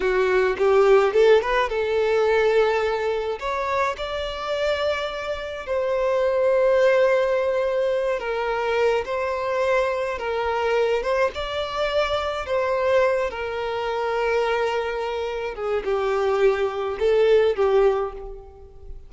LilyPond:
\new Staff \with { instrumentName = "violin" } { \time 4/4 \tempo 4 = 106 fis'4 g'4 a'8 b'8 a'4~ | a'2 cis''4 d''4~ | d''2 c''2~ | c''2~ c''8 ais'4. |
c''2 ais'4. c''8 | d''2 c''4. ais'8~ | ais'2.~ ais'8 gis'8 | g'2 a'4 g'4 | }